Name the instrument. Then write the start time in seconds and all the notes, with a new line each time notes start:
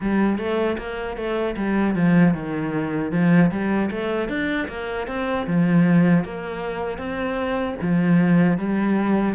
cello
0.00 G3
0.38 A3
0.78 A#3
1.17 A3
1.56 G3
1.95 F3
2.34 D#3
3.11 F3
3.51 G3
3.90 A3
4.28 D4
4.68 A#3
5.07 C4
5.47 F3
6.24 A#3
6.97 C4
7.81 F3
8.57 G3